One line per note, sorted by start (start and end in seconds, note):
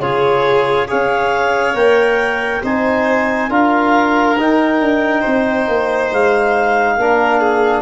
0.00 0.87 C#3
0.00 0.88 F4
0.00 0.88 G#4
0.00 0.88 C#5
0.88 1.75 C#4
0.88 1.75 G#4
0.88 2.62 C#5
0.88 1.77 F5
1.75 2.62 A#3
1.75 2.62 A#4
1.75 2.64 G5
2.63 3.50 C4
2.63 3.50 D#4
2.63 3.49 C5
2.63 3.52 G#5
3.49 4.37 D4
3.49 4.37 F4
3.49 5.21 A#4
3.49 4.39 F5
4.37 4.80 D#4
4.37 6.99 D#4
4.37 6.13 G5
4.80 5.24 D4
5.21 6.95 C5
5.27 5.68 C4
5.68 6.12 A#3
6.12 6.97 G#3
6.12 7.82 F5
6.97 7.82 A#3
6.97 7.82 D4
6.97 7.40 A#4
7.40 7.82 G#4